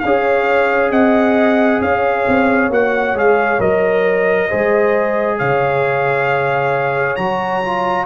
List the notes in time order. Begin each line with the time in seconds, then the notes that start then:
0.00 C#4 G#4 C#5 F5
0.90 C4 D#5 F#5
1.81 C#4 C#5 F5
2.27 C4
2.69 A#3 F#4 F#5
3.14 G#3 G#4 F5
3.59 F#3 A#4 D#5
4.48 G#3 G#4 C5
5.37 C#3 C#5 F5
7.16 F#3 F#4 A#5
7.63 F4